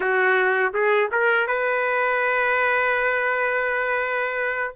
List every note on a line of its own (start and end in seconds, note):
0.00 0.73 F#4
0.73 1.10 G#4
1.11 1.47 A#4
1.47 4.75 B4